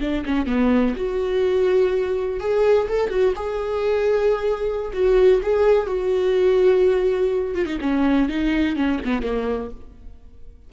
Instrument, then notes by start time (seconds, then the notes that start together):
viola
0.00 D4
0.25 C#4
0.46 B3
0.96 F#4
2.40 G#4
2.88 A4
3.09 F#4
3.35 G#4
4.93 F#4
5.42 G#4
5.86 F#4
7.54 F4
7.66 D#4
7.80 C#4
8.28 D#4
8.76 C#4
9.04 B3
9.22 A#3